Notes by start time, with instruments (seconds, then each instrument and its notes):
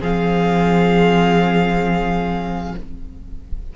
0.00 cello F3, viola C4, violin G#4 F5